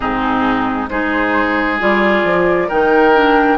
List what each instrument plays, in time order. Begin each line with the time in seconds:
0.00 bassoon G#2, clarinet C4, oboe D#4, flute G#4
0.88 bassoon G#3, clarinet D#4, oboe G#4, flute C5
1.79 bassoon G3, clarinet F4, flute D5
2.24 bassoon F3
2.68 bassoon D#3, clarinet D#4, oboe A#4, flute G5
3.14 clarinet D4